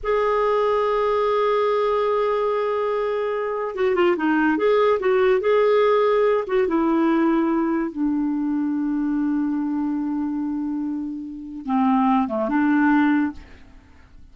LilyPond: \new Staff \with { instrumentName = "clarinet" } { \time 4/4 \tempo 4 = 144 gis'1~ | gis'1~ | gis'4 fis'8 f'8 dis'4 gis'4 | fis'4 gis'2~ gis'8 fis'8 |
e'2. d'4~ | d'1~ | d'1 | c'4. a8 d'2 | }